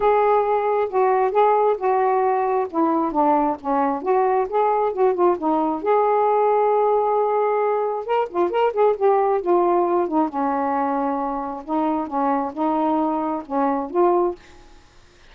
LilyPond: \new Staff \with { instrumentName = "saxophone" } { \time 4/4 \tempo 4 = 134 gis'2 fis'4 gis'4 | fis'2 e'4 d'4 | cis'4 fis'4 gis'4 fis'8 f'8 | dis'4 gis'2.~ |
gis'2 ais'8 f'8 ais'8 gis'8 | g'4 f'4. dis'8 cis'4~ | cis'2 dis'4 cis'4 | dis'2 cis'4 f'4 | }